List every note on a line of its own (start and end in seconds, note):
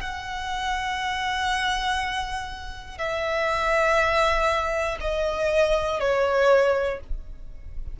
0.00 2.97 F#5
2.97 4.97 E5
5.00 6.00 D#5
6.00 7.00 C#5